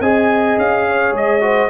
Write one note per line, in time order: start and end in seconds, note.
0.00 0.57 C4
0.00 1.40 G#4
0.00 0.86 D#5
0.00 0.58 G#5
0.58 1.12 C#4
0.58 1.15 F5
0.88 1.43 C#5
1.12 1.69 G#3
1.12 1.69 D#5
1.40 1.69 F#4
1.40 1.69 C5